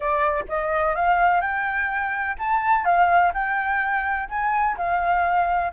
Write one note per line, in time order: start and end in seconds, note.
0.00 0.44 D5
0.48 0.95 D#5
0.95 1.41 F5
1.41 2.36 G5
2.38 2.84 A5
2.84 3.32 F5
3.33 4.29 G5
4.29 4.76 G#5
4.77 5.72 F5